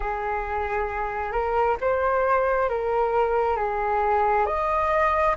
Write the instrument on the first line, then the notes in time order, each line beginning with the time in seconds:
flute
0.00 G#4
1.32 A#4
1.80 C5
2.69 A#4
3.56 G#4
4.45 D#5